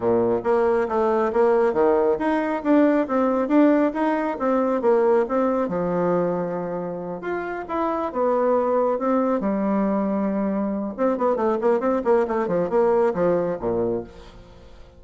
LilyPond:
\new Staff \with { instrumentName = "bassoon" } { \time 4/4 \tempo 4 = 137 ais,4 ais4 a4 ais4 | dis4 dis'4 d'4 c'4 | d'4 dis'4 c'4 ais4 | c'4 f2.~ |
f8 f'4 e'4 b4.~ | b8 c'4 g2~ g8~ | g4 c'8 b8 a8 ais8 c'8 ais8 | a8 f8 ais4 f4 ais,4 | }